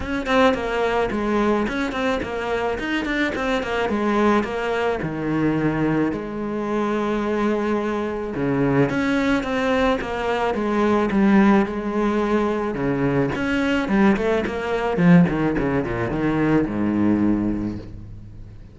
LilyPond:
\new Staff \with { instrumentName = "cello" } { \time 4/4 \tempo 4 = 108 cis'8 c'8 ais4 gis4 cis'8 c'8 | ais4 dis'8 d'8 c'8 ais8 gis4 | ais4 dis2 gis4~ | gis2. cis4 |
cis'4 c'4 ais4 gis4 | g4 gis2 cis4 | cis'4 g8 a8 ais4 f8 dis8 | cis8 ais,8 dis4 gis,2 | }